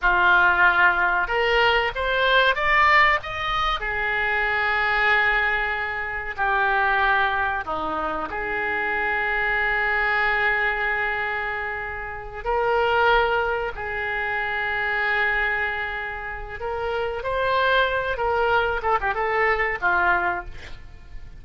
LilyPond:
\new Staff \with { instrumentName = "oboe" } { \time 4/4 \tempo 4 = 94 f'2 ais'4 c''4 | d''4 dis''4 gis'2~ | gis'2 g'2 | dis'4 gis'2.~ |
gis'2.~ gis'8 ais'8~ | ais'4. gis'2~ gis'8~ | gis'2 ais'4 c''4~ | c''8 ais'4 a'16 g'16 a'4 f'4 | }